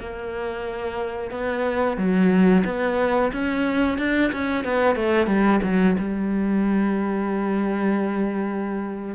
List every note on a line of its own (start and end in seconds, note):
0.00 1.31 A#3
1.31 1.97 B3
1.97 2.64 F#3
2.65 3.32 B3
3.32 3.98 C#4
3.98 4.32 D4
4.33 4.65 C#4
4.65 4.96 B3
4.96 5.27 A3
5.27 5.60 G3
5.63 5.97 F#3
5.98 9.15 G3